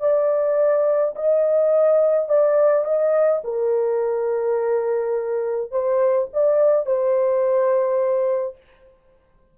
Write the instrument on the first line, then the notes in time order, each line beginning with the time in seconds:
horn
0.00 D5
1.16 D#5
2.29 D5
2.84 D#5
3.44 A#4
5.71 C5
6.33 D5
6.86 C5